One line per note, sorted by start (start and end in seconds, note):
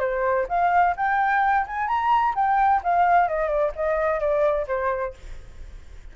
0.00 0.47 C5
0.49 0.95 F5
0.97 1.66 G5
1.67 1.88 G#5
1.88 2.34 A#5
2.35 2.82 G5
2.84 3.28 F5
3.28 3.49 D#5
3.49 3.72 D5
3.75 4.20 D#5
4.20 4.66 D5
4.67 5.14 C5